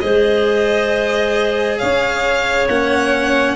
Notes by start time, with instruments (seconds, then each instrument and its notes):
0.00 tuba G#3, cello G#4, clarinet C5, violin D#5
1.78 tuba C#4, clarinet C#5, violin F5
2.68 tuba A#3, cello C#4, violin F#5